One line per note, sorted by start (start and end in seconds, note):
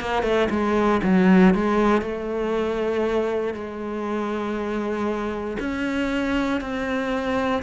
0.00 0.23 A#3
0.23 0.48 A3
0.50 1.01 G#3
1.03 1.54 F#3
1.54 2.02 G#3
2.02 3.54 A3
3.54 5.57 G#3
5.59 6.61 C#4
6.61 7.62 C4